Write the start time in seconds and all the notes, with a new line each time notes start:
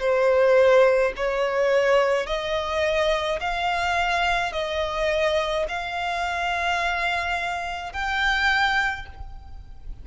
0.00 C5
1.17 C#5
2.26 D#5
3.40 F5
4.53 D#5
5.69 F5
7.93 G5